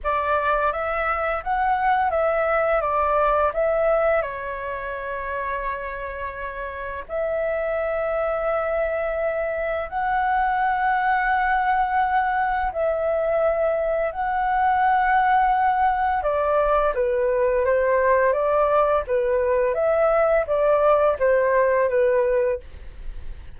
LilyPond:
\new Staff \with { instrumentName = "flute" } { \time 4/4 \tempo 4 = 85 d''4 e''4 fis''4 e''4 | d''4 e''4 cis''2~ | cis''2 e''2~ | e''2 fis''2~ |
fis''2 e''2 | fis''2. d''4 | b'4 c''4 d''4 b'4 | e''4 d''4 c''4 b'4 | }